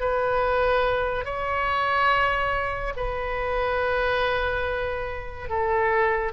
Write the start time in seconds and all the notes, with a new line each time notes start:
0.00 B4
1.24 C#5
2.96 B4
5.49 A4